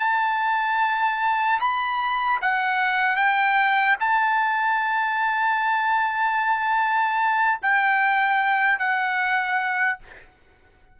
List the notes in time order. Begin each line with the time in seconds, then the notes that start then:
0.00 A5
1.60 B5
2.42 F#5
3.16 G5
4.00 A5
7.62 G5
8.79 F#5